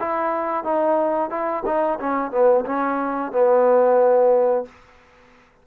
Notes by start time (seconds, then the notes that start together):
0.00 E4
0.65 D#4
1.30 E4
1.66 D#4
2.00 C#4
2.32 B3
2.66 C#4
3.32 B3